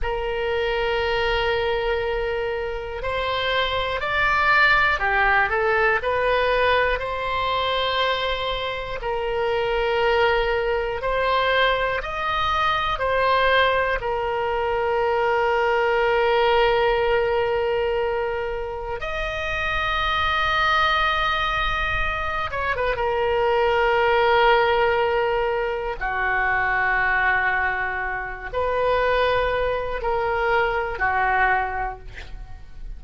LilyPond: \new Staff \with { instrumentName = "oboe" } { \time 4/4 \tempo 4 = 60 ais'2. c''4 | d''4 g'8 a'8 b'4 c''4~ | c''4 ais'2 c''4 | dis''4 c''4 ais'2~ |
ais'2. dis''4~ | dis''2~ dis''8 cis''16 b'16 ais'4~ | ais'2 fis'2~ | fis'8 b'4. ais'4 fis'4 | }